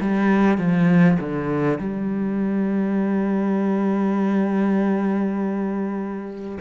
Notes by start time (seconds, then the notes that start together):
0.00 G3
0.58 F3
1.20 D3
1.78 G3